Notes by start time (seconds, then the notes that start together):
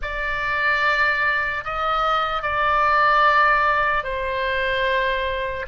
0.01 D5
1.64 D#5
2.42 D5
4.03 C5